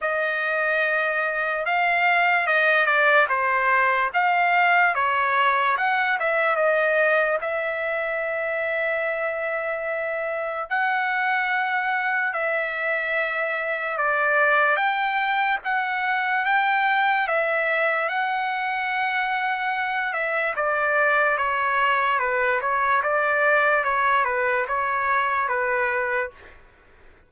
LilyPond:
\new Staff \with { instrumentName = "trumpet" } { \time 4/4 \tempo 4 = 73 dis''2 f''4 dis''8 d''8 | c''4 f''4 cis''4 fis''8 e''8 | dis''4 e''2.~ | e''4 fis''2 e''4~ |
e''4 d''4 g''4 fis''4 | g''4 e''4 fis''2~ | fis''8 e''8 d''4 cis''4 b'8 cis''8 | d''4 cis''8 b'8 cis''4 b'4 | }